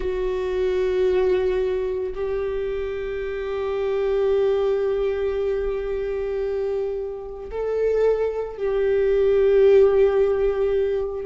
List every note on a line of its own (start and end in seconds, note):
0.00 2.13 F#4
2.14 7.50 G4
7.51 8.57 A4
8.57 11.25 G4